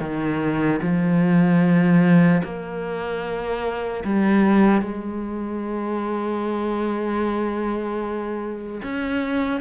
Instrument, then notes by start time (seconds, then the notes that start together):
cello
0.00 D#3
0.82 F3
2.43 A#3
4.04 G3
4.81 G#3
8.83 C#4